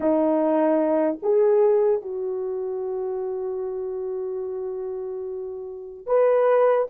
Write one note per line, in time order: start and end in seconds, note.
0.00 1.18 D#4
1.22 2.01 G#4
2.01 6.06 F#4
6.06 6.87 B4